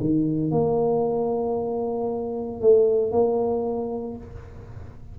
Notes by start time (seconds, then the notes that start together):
0.00 D#3
0.51 A#3
2.61 A3
3.12 A#3